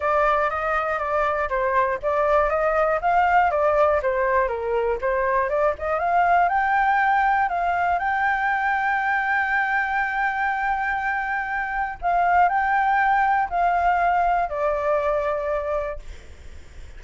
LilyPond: \new Staff \with { instrumentName = "flute" } { \time 4/4 \tempo 4 = 120 d''4 dis''4 d''4 c''4 | d''4 dis''4 f''4 d''4 | c''4 ais'4 c''4 d''8 dis''8 | f''4 g''2 f''4 |
g''1~ | g''1 | f''4 g''2 f''4~ | f''4 d''2. | }